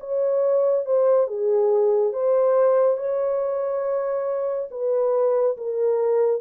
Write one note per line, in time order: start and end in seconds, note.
0.00 0.86 C#5
0.86 1.27 C5
1.27 2.13 G#4
2.13 2.97 C5
2.97 4.69 C#5
4.71 5.57 B4
5.57 6.41 A#4